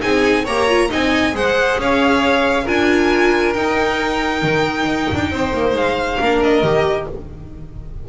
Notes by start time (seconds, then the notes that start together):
0.00 C4 D#4 G#4 G#5
0.44 A#3 G4 C#5 A#5
0.68 F4
0.89 C4 D#4 D#5 G#5
1.32 G#3 G#4 C5 F#5
1.78 C#4 C#5 F5
2.64 D4 F4 A#4 G#5
3.53 D#4 G5
4.42 D#3
4.85 D#4
5.14 D4
5.31 C4 C5
5.53 A#3
5.74 G#3 F5
6.19 A#3 D4 A#4
6.43 D#5
6.63 D#3 G4